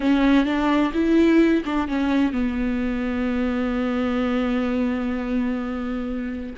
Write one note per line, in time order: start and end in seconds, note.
0.00 0.45 C#4
0.45 0.92 D4
0.93 1.63 E4
1.65 1.87 D4
1.87 2.32 C#4
2.32 6.54 B3